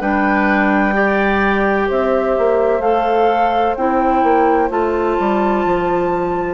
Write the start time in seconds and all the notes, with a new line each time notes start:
0.00 G3 D4 B4 G5
0.93 G4 D5
1.88 C4 C5 E5
2.38 A#3
2.79 A3 A4 F5
3.76 C4 E4 G5
4.22 A#3
4.69 A3 F4 A5
5.19 G3
5.65 F3